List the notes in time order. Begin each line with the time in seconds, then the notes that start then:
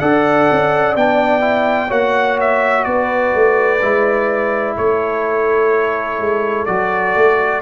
0.00 D4 A4 D5 F#5
0.52 C#4
0.96 B3 D4 G5
1.41 E4
1.89 A#3 F#4 C#5 F#5
2.41 E5
2.84 B3 B4 D5
3.35 A3
3.82 G#3 E4
4.77 A3 A4 C#5
6.20 G#3
6.66 F#3 F#4 D5
7.16 A3